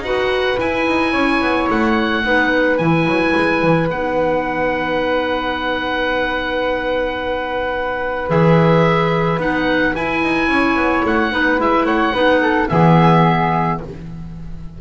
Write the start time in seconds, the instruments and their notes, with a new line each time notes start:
0.00 double bass D#4, clarinet F#4, flute B4, oboe F#5
0.58 clarinet E4, double bass E4, oboe G#5
0.88 double bass D#4
1.13 double bass C#4, flute C#5
1.42 double bass B3
1.70 double bass A3, oboe F#5
2.25 double bass B3, clarinet D#4, flute B4
2.78 double bass E3, clarinet E4, oboe G#5
3.07 double bass F#3
3.36 double bass G#3
3.62 double bass E3
3.90 double bass B3, clarinet D#4, oboe F#5
8.29 double bass E3, clarinet G#4, oboe E5
9.38 double bass B3, clarinet D#4, oboe F#5
9.96 clarinet E4, double bass E4, oboe G#5
10.24 double bass D#4
10.49 double bass C#4, flute C#5
10.76 double bass B3
11.05 double bass A3, oboe F#5
11.32 double bass B3, clarinet D#4, flute B4
11.58 double bass G#3, clarinet E4, oboe E5
11.85 double bass A3, flute C#5, oboe F#5
12.13 double bass B3, clarinet D#4, flute B4
12.42 flute A4
12.69 double bass E3, clarinet B3, flute G#4, oboe E5